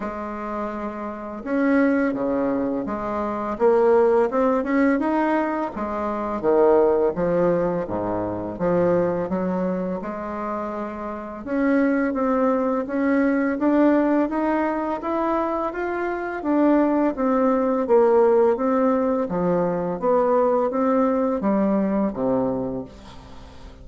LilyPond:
\new Staff \with { instrumentName = "bassoon" } { \time 4/4 \tempo 4 = 84 gis2 cis'4 cis4 | gis4 ais4 c'8 cis'8 dis'4 | gis4 dis4 f4 gis,4 | f4 fis4 gis2 |
cis'4 c'4 cis'4 d'4 | dis'4 e'4 f'4 d'4 | c'4 ais4 c'4 f4 | b4 c'4 g4 c4 | }